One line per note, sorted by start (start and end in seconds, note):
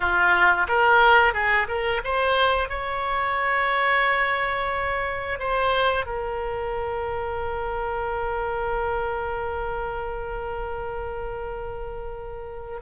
0.00 0.67 F4
0.67 1.33 A#4
1.33 1.67 G#4
1.68 2.01 A#4
2.04 2.69 C5
2.69 5.39 C#5
5.39 6.06 C5
6.06 12.80 A#4